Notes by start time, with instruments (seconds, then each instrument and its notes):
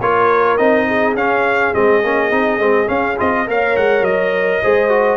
0.00 tuba A#3, trombone F4, horn A#4, trumpet C#5
0.57 tuba C4, trombone D#4, trumpet D#5
0.88 horn G#4
1.14 tuba C#4, trombone C#4, trumpet F5
1.73 tuba G#3, trombone C4, trumpet D#5
2.03 tuba A#3, trombone C#4
2.30 tuba C4, trombone D#4
2.59 tuba G#3, trombone C4
2.86 trombone C#4, tuba C#4, trumpet F5
3.17 tuba C4, trombone F4, trumpet D#5
3.47 tuba A#3, trombone A#4, horn C#5, trumpet F5
3.76 tuba G#3, trumpet F#5
4.01 tuba F#3, trumpet D#5
4.62 tuba G#3, trombone G#4, horn C5
4.89 trombone F#4